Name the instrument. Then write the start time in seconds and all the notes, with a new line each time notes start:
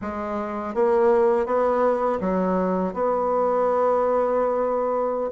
bassoon
0.01 G#3
0.74 A#3
1.46 B3
2.20 F#3
2.93 B3